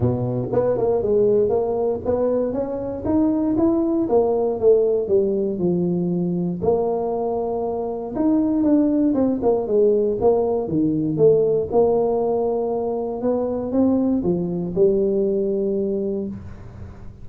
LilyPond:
\new Staff \with { instrumentName = "tuba" } { \time 4/4 \tempo 4 = 118 b,4 b8 ais8 gis4 ais4 | b4 cis'4 dis'4 e'4 | ais4 a4 g4 f4~ | f4 ais2. |
dis'4 d'4 c'8 ais8 gis4 | ais4 dis4 a4 ais4~ | ais2 b4 c'4 | f4 g2. | }